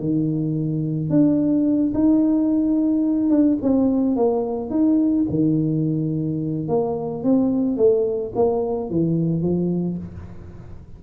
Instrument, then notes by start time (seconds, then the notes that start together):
tuba
0.00 D#3
1.10 D4
1.94 D#4
3.30 D4
3.62 C4
4.16 A#3
4.70 D#4
5.30 D#3
6.68 A#3
7.24 C4
7.77 A3
8.35 A#3
8.90 E3
9.42 F3